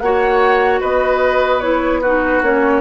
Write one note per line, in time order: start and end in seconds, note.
0.00 0.81 A#3
0.00 1.62 F#4
0.00 0.81 C#5
0.00 0.80 F#5
0.81 2.42 B3
0.81 2.01 B4
0.81 1.60 D#5
1.60 2.02 E4
1.60 2.00 C#5
2.01 2.43 D#4
2.01 2.81 F#4
2.01 2.42 B4
2.42 2.81 A#3
2.42 2.81 C#4
2.42 2.81 C#5